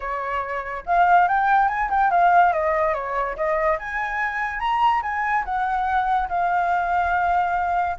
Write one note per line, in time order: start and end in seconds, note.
0.00 0.84 C#5
0.86 1.28 F5
1.28 1.68 G5
1.68 1.89 G#5
1.89 2.10 G5
2.11 2.52 F5
2.52 2.94 D#5
2.94 3.35 C#5
3.36 3.78 D#5
3.78 4.59 G#5
4.59 5.01 A#5
5.02 5.44 G#5
5.44 6.28 F#5
6.28 7.96 F5